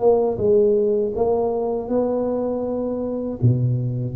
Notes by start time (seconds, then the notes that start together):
0.00 A#3
0.38 G#3
1.16 A#3
1.89 B3
3.42 B2